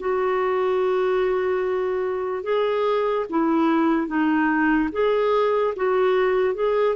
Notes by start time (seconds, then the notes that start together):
0.00 F#4
2.44 G#4
3.30 E4
4.08 D#4
4.92 G#4
5.76 F#4
6.55 G#4